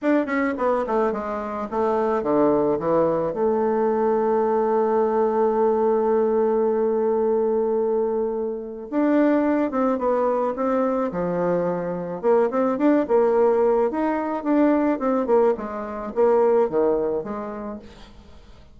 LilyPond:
\new Staff \with { instrumentName = "bassoon" } { \time 4/4 \tempo 4 = 108 d'8 cis'8 b8 a8 gis4 a4 | d4 e4 a2~ | a1~ | a1 |
d'4. c'8 b4 c'4 | f2 ais8 c'8 d'8 ais8~ | ais4 dis'4 d'4 c'8 ais8 | gis4 ais4 dis4 gis4 | }